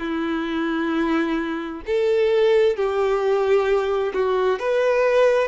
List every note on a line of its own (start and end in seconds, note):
0.00 1.82 E4
1.87 2.77 A4
2.77 4.13 G4
4.14 4.60 F#4
4.60 5.48 B4